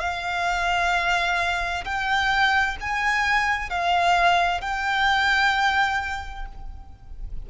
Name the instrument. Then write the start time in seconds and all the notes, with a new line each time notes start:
violin
0.00 F5
1.85 G5
2.81 G#5
3.70 F5
4.61 G5